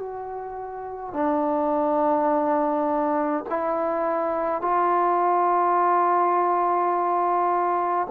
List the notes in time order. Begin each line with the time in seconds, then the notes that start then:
0.00 F#4
1.14 D4
3.50 E4
4.62 F4